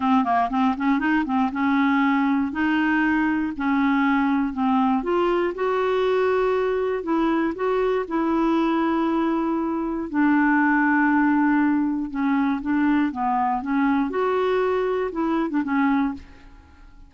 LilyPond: \new Staff \with { instrumentName = "clarinet" } { \time 4/4 \tempo 4 = 119 c'8 ais8 c'8 cis'8 dis'8 c'8 cis'4~ | cis'4 dis'2 cis'4~ | cis'4 c'4 f'4 fis'4~ | fis'2 e'4 fis'4 |
e'1 | d'1 | cis'4 d'4 b4 cis'4 | fis'2 e'8. d'16 cis'4 | }